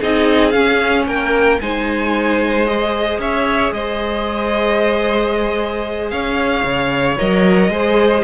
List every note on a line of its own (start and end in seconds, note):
0.00 0.55 C4
0.00 0.53 D#4
0.00 1.06 G#4
0.00 0.51 D#5
0.51 1.59 C#4
0.51 1.07 C#4
0.51 1.04 F5
1.07 1.60 A#3
1.07 1.61 A#4
1.07 1.60 G5
1.61 3.19 G#3
1.61 2.66 D#4
1.61 3.21 C5
1.61 2.66 G#5
2.66 7.18 G#4
2.66 3.20 D#5
3.19 3.72 C#4
3.19 3.74 C#5
3.19 3.73 E5
3.73 6.12 G#3
3.73 6.12 C5
3.73 6.10 D#5
6.10 6.64 C#4
6.10 7.71 C#5
6.10 7.16 F5
6.64 7.17 C#3
7.18 7.69 F#3
7.18 7.71 A#4
7.18 8.24 D#5
7.69 8.22 G#3
7.69 8.24 G#4
7.69 8.24 C5